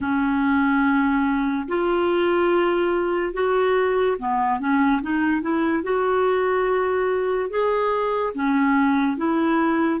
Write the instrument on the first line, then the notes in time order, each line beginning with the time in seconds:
clarinet
0.00 C#4
1.68 F4
3.33 F#4
4.18 B3
4.59 C#4
5.02 D#4
5.41 E4
5.83 F#4
7.50 G#4
8.34 C#4
9.17 E4